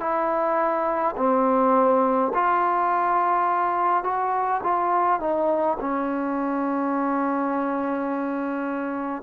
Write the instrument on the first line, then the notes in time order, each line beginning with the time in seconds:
trombone
0.00 E4
1.17 C4
2.34 F4
4.04 F#4
4.63 F4
5.20 D#4
5.81 C#4